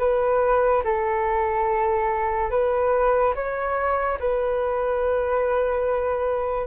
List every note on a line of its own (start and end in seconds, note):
0.00 0.83 B4
0.84 2.51 A4
2.51 3.34 B4
3.36 4.19 C#5
4.20 6.67 B4